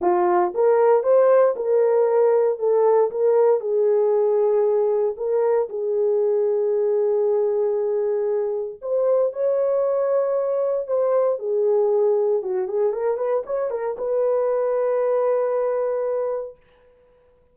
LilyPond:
\new Staff \with { instrumentName = "horn" } { \time 4/4 \tempo 4 = 116 f'4 ais'4 c''4 ais'4~ | ais'4 a'4 ais'4 gis'4~ | gis'2 ais'4 gis'4~ | gis'1~ |
gis'4 c''4 cis''2~ | cis''4 c''4 gis'2 | fis'8 gis'8 ais'8 b'8 cis''8 ais'8 b'4~ | b'1 | }